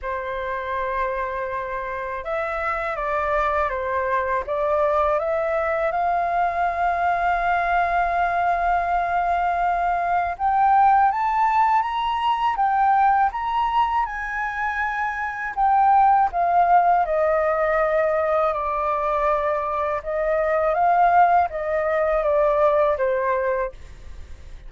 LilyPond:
\new Staff \with { instrumentName = "flute" } { \time 4/4 \tempo 4 = 81 c''2. e''4 | d''4 c''4 d''4 e''4 | f''1~ | f''2 g''4 a''4 |
ais''4 g''4 ais''4 gis''4~ | gis''4 g''4 f''4 dis''4~ | dis''4 d''2 dis''4 | f''4 dis''4 d''4 c''4 | }